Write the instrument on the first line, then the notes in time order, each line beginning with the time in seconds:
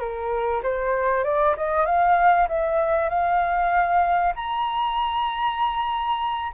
flute
0.00 A#4
0.63 C5
1.24 D5
1.57 D#5
1.86 F5
2.48 E5
3.09 F5
4.36 A#5